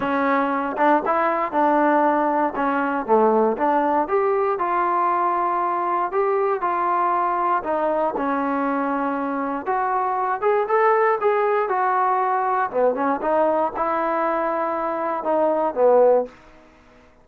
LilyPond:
\new Staff \with { instrumentName = "trombone" } { \time 4/4 \tempo 4 = 118 cis'4. d'8 e'4 d'4~ | d'4 cis'4 a4 d'4 | g'4 f'2. | g'4 f'2 dis'4 |
cis'2. fis'4~ | fis'8 gis'8 a'4 gis'4 fis'4~ | fis'4 b8 cis'8 dis'4 e'4~ | e'2 dis'4 b4 | }